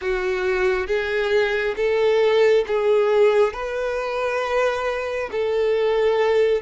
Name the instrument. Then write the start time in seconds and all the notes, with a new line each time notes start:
violin
0.01 F#4
0.86 G#4
1.76 A4
2.67 G#4
3.53 B4
5.31 A4